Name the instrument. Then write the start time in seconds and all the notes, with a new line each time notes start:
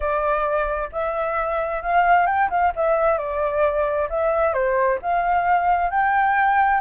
flute
0.00 D5
0.92 E5
1.82 F5
2.26 G5
2.50 F5
2.75 E5
3.18 D5
4.09 E5
4.53 C5
5.01 F5
5.90 G5